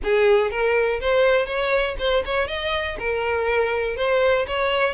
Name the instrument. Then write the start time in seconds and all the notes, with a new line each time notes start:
violin
0.03 G#4
0.50 A#4
1.00 C5
1.46 C#5
1.98 C5
2.25 C#5
2.47 D#5
2.99 A#4
3.96 C5
4.47 C#5